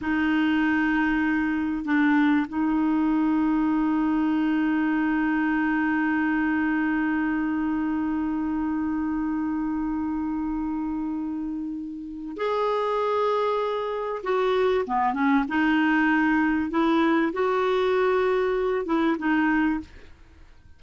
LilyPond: \new Staff \with { instrumentName = "clarinet" } { \time 4/4 \tempo 4 = 97 dis'2. d'4 | dis'1~ | dis'1~ | dis'1~ |
dis'1 | gis'2. fis'4 | b8 cis'8 dis'2 e'4 | fis'2~ fis'8 e'8 dis'4 | }